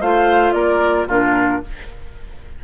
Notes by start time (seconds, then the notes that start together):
0.00 A3 F4 C5 F5
0.52 A#3 A#4 D5
1.07 A#2 D4 F4 A#4